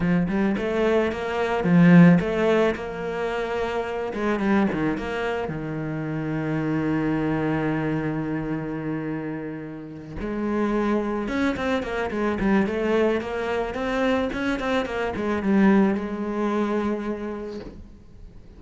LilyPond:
\new Staff \with { instrumentName = "cello" } { \time 4/4 \tempo 4 = 109 f8 g8 a4 ais4 f4 | a4 ais2~ ais8 gis8 | g8 dis8 ais4 dis2~ | dis1~ |
dis2~ dis8 gis4.~ | gis8 cis'8 c'8 ais8 gis8 g8 a4 | ais4 c'4 cis'8 c'8 ais8 gis8 | g4 gis2. | }